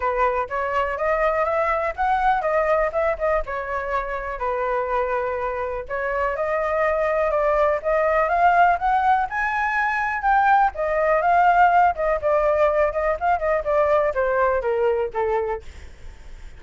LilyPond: \new Staff \with { instrumentName = "flute" } { \time 4/4 \tempo 4 = 123 b'4 cis''4 dis''4 e''4 | fis''4 dis''4 e''8 dis''8 cis''4~ | cis''4 b'2. | cis''4 dis''2 d''4 |
dis''4 f''4 fis''4 gis''4~ | gis''4 g''4 dis''4 f''4~ | f''8 dis''8 d''4. dis''8 f''8 dis''8 | d''4 c''4 ais'4 a'4 | }